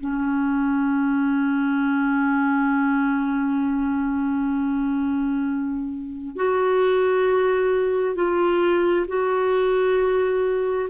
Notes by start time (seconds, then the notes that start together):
0.00 C#4
6.36 F#4
8.15 F4
9.07 F#4